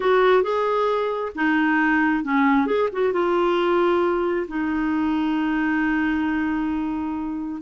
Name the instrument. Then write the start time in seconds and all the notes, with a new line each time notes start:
clarinet
0.00 F#4
0.42 G#4
1.35 D#4
2.24 C#4
2.66 G#4
2.92 F#4
3.12 F4
4.48 D#4